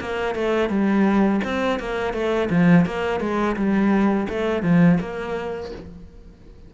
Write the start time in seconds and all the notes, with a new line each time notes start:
0.00 A#3
0.35 A3
0.69 G3
1.44 C4
1.80 A#3
2.13 A3
2.50 F3
2.86 A#3
3.20 G#3
3.56 G3
4.29 A3
4.63 F3
5.00 A#3